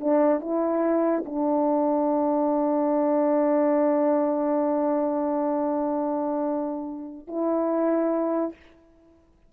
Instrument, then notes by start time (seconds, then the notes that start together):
horn
0.00 D4
0.40 E4
1.25 D4
7.27 E4